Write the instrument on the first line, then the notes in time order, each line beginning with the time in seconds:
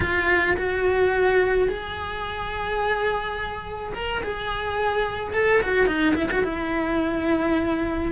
cello
0.00 F4
0.56 F#4
1.68 G#4
3.94 A#4
4.23 G#4
5.33 A4
5.62 F#4
5.86 D#4
6.15 E4
6.31 F#4
6.44 E4